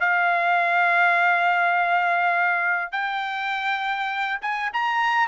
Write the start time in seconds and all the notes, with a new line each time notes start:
0.00 F5
2.92 G5
4.41 G#5
4.73 A#5